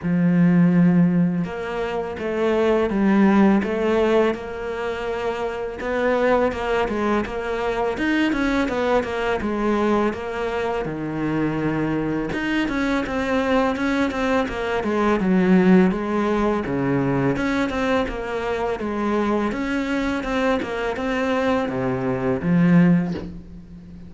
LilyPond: \new Staff \with { instrumentName = "cello" } { \time 4/4 \tempo 4 = 83 f2 ais4 a4 | g4 a4 ais2 | b4 ais8 gis8 ais4 dis'8 cis'8 | b8 ais8 gis4 ais4 dis4~ |
dis4 dis'8 cis'8 c'4 cis'8 c'8 | ais8 gis8 fis4 gis4 cis4 | cis'8 c'8 ais4 gis4 cis'4 | c'8 ais8 c'4 c4 f4 | }